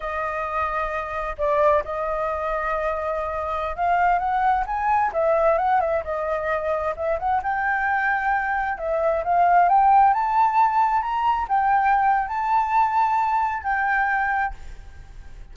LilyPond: \new Staff \with { instrumentName = "flute" } { \time 4/4 \tempo 4 = 132 dis''2. d''4 | dis''1~ | dis''16 f''4 fis''4 gis''4 e''8.~ | e''16 fis''8 e''8 dis''2 e''8 fis''16~ |
fis''16 g''2. e''8.~ | e''16 f''4 g''4 a''4.~ a''16~ | a''16 ais''4 g''4.~ g''16 a''4~ | a''2 g''2 | }